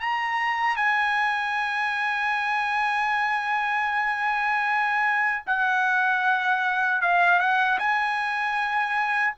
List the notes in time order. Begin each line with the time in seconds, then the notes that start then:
0.00 A#5
0.77 G#5
5.47 F#5
7.02 F5
7.40 F#5
7.79 G#5